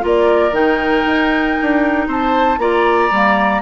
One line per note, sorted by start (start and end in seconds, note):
0.00 0.51 A#3
0.00 0.51 F4
0.00 2.07 A#4
0.06 0.54 D5
0.51 1.03 D#3
0.51 2.57 D#4
0.51 2.08 G5
1.06 1.57 D#4
1.61 2.07 D4
2.07 2.58 C4
2.07 2.59 C5
2.07 2.59 A5
2.58 3.09 A#3
2.58 3.11 F4
2.58 3.61 D5
2.58 3.61 A#5
3.11 3.61 G3
3.11 3.61 A#3